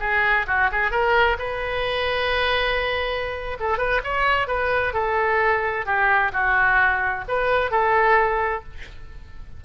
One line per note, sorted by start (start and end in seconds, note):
0.00 0.46 G#4
0.47 0.70 F#4
0.72 0.91 G#4
0.91 1.37 A#4
1.38 3.58 B4
3.60 3.78 A4
3.78 4.01 B4
4.04 4.48 C#5
4.48 4.93 B4
4.93 5.86 A4
5.86 6.32 G4
6.33 7.25 F#4
7.28 7.71 B4
7.71 8.63 A4